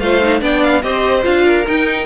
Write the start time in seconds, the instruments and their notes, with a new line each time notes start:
0.00 cello A3, viola F4, violin C5 F5
0.22 viola D#4
0.40 cello B3, viola D4, violin D5 G5
0.63 violin F5
0.82 cello C4, viola G4, violin C5 D#5
1.23 cello D4, viola F4, violin F5
1.45 violin A#4
1.67 viola D#4, cello D#4, violin G5